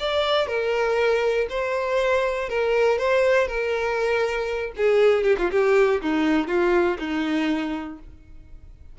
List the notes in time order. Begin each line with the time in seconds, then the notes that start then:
0.00 D5
0.48 A#4
1.50 C5
2.50 A#4
2.99 C5
3.48 A#4
4.77 G#4
5.24 G4
5.39 F4
5.52 G4
6.02 D#4
6.48 F4
6.99 D#4